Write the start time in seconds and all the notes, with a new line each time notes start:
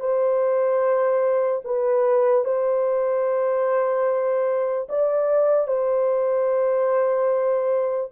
0.00 C5
1.65 B4
2.45 C5
4.89 D5
5.68 C5